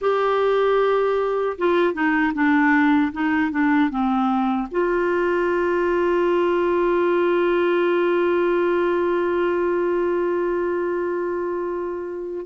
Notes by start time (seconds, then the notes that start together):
0.01 G4
1.58 F4
1.93 D#4
2.34 D4
3.12 D#4
3.51 D4
3.90 C4
4.71 F4